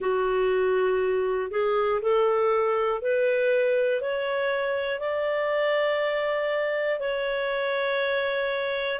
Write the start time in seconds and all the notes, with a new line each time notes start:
0.00 F#4
1.50 G#4
2.01 A4
3.01 B4
4.00 C#5
4.99 D5
7.00 C#5